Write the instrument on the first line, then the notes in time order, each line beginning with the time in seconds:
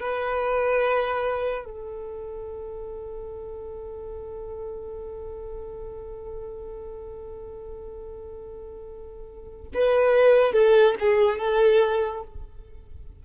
violin
0.00 B4
1.65 A4
9.74 B4
10.53 A4
11.00 G#4
11.38 A4